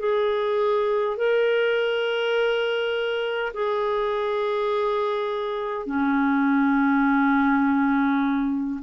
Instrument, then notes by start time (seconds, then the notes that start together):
clarinet
0.00 G#4
1.18 A#4
3.55 G#4
5.87 C#4